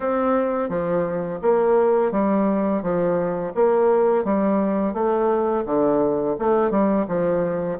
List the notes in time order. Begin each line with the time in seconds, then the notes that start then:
0.00 C4
0.69 F3
1.41 A#3
2.11 G3
2.82 F3
3.55 A#3
4.24 G3
4.93 A3
5.65 D3
6.39 A3
6.70 G3
7.08 F3